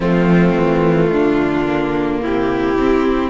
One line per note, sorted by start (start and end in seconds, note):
0.00 0.54 F3
0.00 1.66 A3
0.00 1.10 C4
0.00 2.22 F4
0.56 1.11 E3
1.11 2.22 D3
1.11 2.22 D4
1.66 2.77 A#3
2.22 3.30 C3
2.22 3.30 E4
2.22 3.30 G4
2.79 3.30 C4